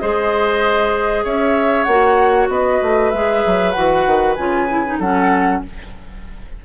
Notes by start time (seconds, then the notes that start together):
0.00 G#3 G#4 C5 D#5
1.24 C#4 C#5 E5
1.84 A#3 F#4 F#5
2.49 B3 B4 D#5
2.82 A3
3.10 G#3 G#4 E5
3.46 F#3
3.72 E3 F#4 F#5
4.06 D#3
4.36 C#3 F4 G#5
4.69 E4
4.87 D#4
4.99 F#3 C#4 A4 F#5